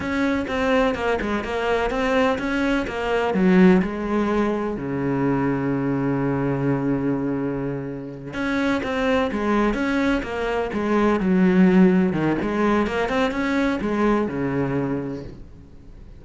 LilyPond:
\new Staff \with { instrumentName = "cello" } { \time 4/4 \tempo 4 = 126 cis'4 c'4 ais8 gis8 ais4 | c'4 cis'4 ais4 fis4 | gis2 cis2~ | cis1~ |
cis4. cis'4 c'4 gis8~ | gis8 cis'4 ais4 gis4 fis8~ | fis4. dis8 gis4 ais8 c'8 | cis'4 gis4 cis2 | }